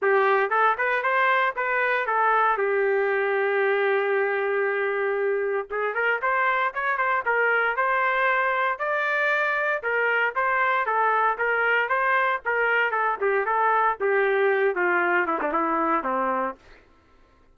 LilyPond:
\new Staff \with { instrumentName = "trumpet" } { \time 4/4 \tempo 4 = 116 g'4 a'8 b'8 c''4 b'4 | a'4 g'2.~ | g'2. gis'8 ais'8 | c''4 cis''8 c''8 ais'4 c''4~ |
c''4 d''2 ais'4 | c''4 a'4 ais'4 c''4 | ais'4 a'8 g'8 a'4 g'4~ | g'8 f'4 e'16 d'16 e'4 c'4 | }